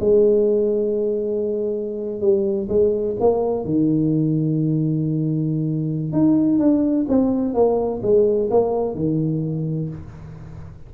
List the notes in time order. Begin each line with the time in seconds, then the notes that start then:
0.00 G#3
2.21 G3
2.69 G#3
3.20 A#3
3.65 D#3
6.12 D#4
6.59 D4
7.08 C4
7.54 A#3
8.02 G#3
8.50 A#3
8.95 D#3